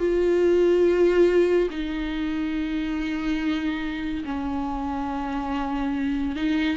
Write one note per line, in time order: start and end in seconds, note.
0.00 1.69 F4
1.71 4.24 D#4
4.25 6.36 C#4
6.36 6.78 D#4